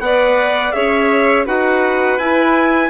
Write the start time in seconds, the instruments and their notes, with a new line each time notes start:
0.00 bassoon B3, clarinet B4, violin D5, trumpet F#5
0.72 bassoon C#4, clarinet G#4, violin C#5, trumpet E5
1.46 bassoon D#4, clarinet F#4, violin B4, trumpet F#5
2.19 bassoon E4, clarinet E4, trumpet G#5